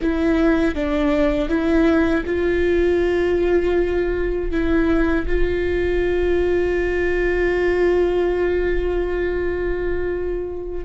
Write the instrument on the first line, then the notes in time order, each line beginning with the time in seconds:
viola
0.01 E4
0.74 D4
1.48 E4
2.26 F4
4.51 E4
5.26 F4